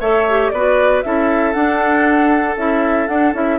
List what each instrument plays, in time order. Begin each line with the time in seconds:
0.00 bassoon A3, clarinet A4, oboe C#5, flute E5
0.29 clarinet G4
0.50 bassoon B3, clarinet F#4, oboe B4, flute D5
1.02 bassoon C#4, clarinet E4, oboe A4, flute E5
1.53 clarinet D4, bassoon D4, flute F#5
2.57 bassoon C#4, clarinet E4, flute E5
3.07 bassoon D4, clarinet D4, flute F#5
3.33 bassoon C#4, clarinet E4, flute E5